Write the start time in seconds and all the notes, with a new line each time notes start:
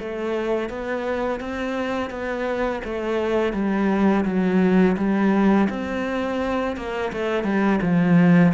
0.00 A3
0.69 B3
1.41 C4
2.10 B3
2.84 A3
3.53 G3
4.25 F#3
4.97 G3
5.69 C4
6.77 A#3
7.13 A3
7.44 G3
7.82 F3